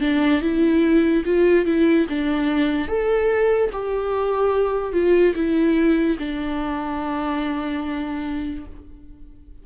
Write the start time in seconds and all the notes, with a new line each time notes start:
0.00 D4
0.41 E4
1.25 F4
1.65 E4
2.09 D4
2.88 A4
3.72 G4
4.92 F4
5.35 E4
6.19 D4